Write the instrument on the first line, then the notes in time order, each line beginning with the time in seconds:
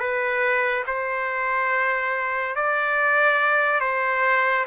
trumpet
0.00 B4
0.87 C5
2.56 D5
3.81 C5